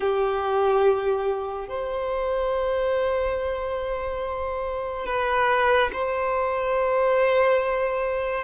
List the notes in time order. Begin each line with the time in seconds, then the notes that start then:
0.00 G4
1.68 C5
5.06 B4
5.92 C5